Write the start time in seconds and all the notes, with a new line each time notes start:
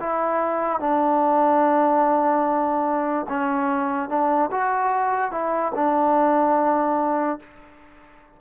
0.00 E4
0.80 D4
3.29 C#4
4.09 D4
4.51 F#4
5.31 E4
5.75 D4